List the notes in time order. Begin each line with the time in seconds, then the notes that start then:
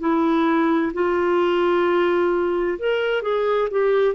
0.00 E4
0.94 F4
2.79 A#4
3.22 G#4
3.71 G4